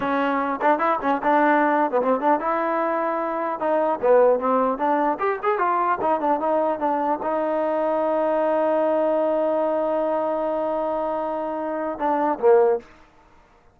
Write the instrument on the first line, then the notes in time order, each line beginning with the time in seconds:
trombone
0.00 C#4
0.61 D4
0.79 E4
1.01 C#4
1.22 D4
1.91 B3
2.01 C4
2.20 D4
2.39 E4
3.59 D#4
4.01 B3
4.39 C4
4.78 D4
5.19 G4
5.42 G#4
5.58 F4
6.01 D#4
6.20 D4
6.39 D#4
6.79 D4
7.22 D#4
11.99 D4
12.39 A#3